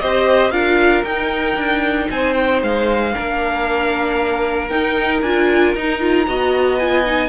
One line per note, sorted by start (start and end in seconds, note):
0.00 0.52 C4
0.00 0.52 G4
0.00 0.52 C5
0.00 0.51 D#5
0.51 1.04 D4
0.51 1.04 F4
0.51 2.08 A#4
0.51 1.03 F5
1.04 1.56 D#4
1.04 3.13 D#4
1.04 2.09 G5
1.56 2.08 D4
2.10 2.62 C4
2.10 3.14 C5
2.10 2.34 G#5
2.34 2.60 G5
2.62 3.14 G#3
2.62 4.68 F5
3.13 4.71 A#3
3.13 4.69 D4
3.13 6.27 A#4
4.68 5.22 D#4
4.68 5.20 G5
5.22 5.74 D4
5.22 5.76 F4
5.22 5.74 G#5
5.75 6.27 D#4
5.75 6.00 D#4
5.75 6.79 A#5
6.00 6.26 F4
6.27 7.29 B3
6.27 6.80 F#4
6.27 7.29 D#5
6.79 7.06 F4
6.79 7.29 G#5
7.06 7.29 D#4